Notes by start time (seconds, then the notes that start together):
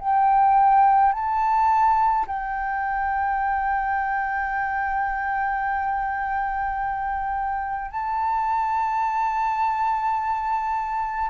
0.00 G5
1.13 A5
2.27 G5
7.91 A5